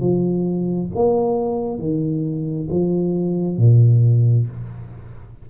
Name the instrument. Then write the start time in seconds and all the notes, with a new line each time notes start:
tuba
0.00 F3
0.95 A#3
1.78 D#3
2.70 F3
3.57 A#2